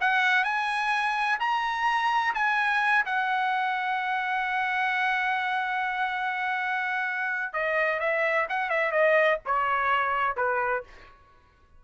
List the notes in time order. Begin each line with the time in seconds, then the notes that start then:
0.00 F#5
0.44 G#5
1.39 A#5
2.34 G#5
3.05 F#5
7.53 D#5
7.99 E5
8.49 F#5
8.69 E5
8.91 D#5
9.45 C#5
10.36 B4